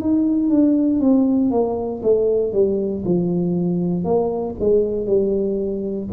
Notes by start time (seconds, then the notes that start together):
0.00 D#4
0.50 D4
1.00 C4
1.51 A#3
2.03 A3
2.53 G3
3.05 F3
4.04 A#3
4.59 G#3
5.07 G3